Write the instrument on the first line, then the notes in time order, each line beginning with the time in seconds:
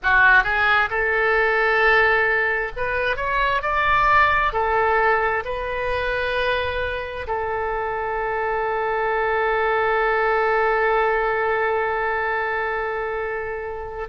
oboe
0.02 F#4
0.43 G#4
0.90 A4
2.76 B4
3.16 C#5
3.62 D5
4.52 A4
5.45 B4
7.27 A4